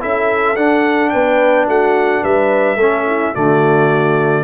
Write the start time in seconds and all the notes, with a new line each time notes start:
0.00 C#4 E4 A4 E5
0.56 D4 F#5
1.09 B3 B4 G5
1.67 A3 F#4 F#5
2.22 G3 B4 E5
2.76 A3 C#4 A4
3.06 E4
3.33 D3 A3 F#4 D5